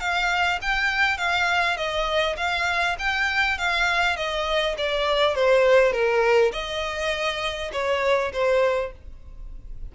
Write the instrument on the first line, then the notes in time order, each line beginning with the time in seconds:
violin
0.00 F5
0.62 G5
1.18 F5
1.77 D#5
2.37 F5
2.99 G5
3.58 F5
4.16 D#5
4.78 D5
5.35 C5
5.93 A#4
6.53 D#5
7.73 C#5
8.33 C5